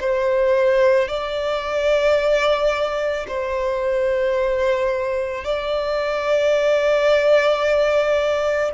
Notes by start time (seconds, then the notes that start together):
0.00 C5
1.08 D5
3.28 C5
5.44 D5